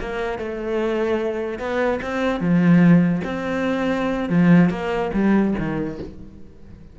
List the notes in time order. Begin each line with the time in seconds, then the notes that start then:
0.00 A#3
0.38 A3
1.59 B3
2.02 C4
2.40 F3
3.24 C4
4.29 F3
4.70 A#3
5.14 G3
5.59 D#3